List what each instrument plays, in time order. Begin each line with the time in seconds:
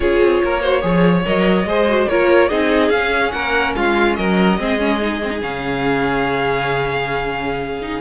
0.00 cello C#4, viola F4, violin G#4 C#5
0.20 cello C4
0.43 cello A#3, violin A#4
0.61 viola F#4, violin C5
0.81 cello F3, viola G#4, violin C#5
1.25 cello F#3, viola A#4, violin D#5
1.64 cello G#3, viola G#4, violin C5
1.88 viola F#4
2.08 cello A#3, viola F4, violin A#4 C#5
2.48 cello C4, viola D#4, violin G#4 D#5
2.89 cello C#4, viola C#4, violin F5
3.31 cello A#3, violin A#4 F#5
3.76 cello G#3, violin F4 F5
4.15 cello F#3, violin A#4 D#5
4.58 cello G#3, viola C4, violin G#4
4.78 viola C#4
5.01 viola D#4
5.22 viola C4
5.30 viola D#4
5.40 cello C#3, viola C#4, violin F5
7.82 viola D#4